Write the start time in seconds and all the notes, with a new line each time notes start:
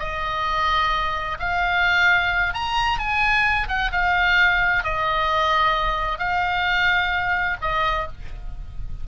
0.00 D#5
1.40 F5
2.54 A#5
2.99 G#5
3.69 F#5
3.93 F5
4.84 D#5
6.19 F5
7.62 D#5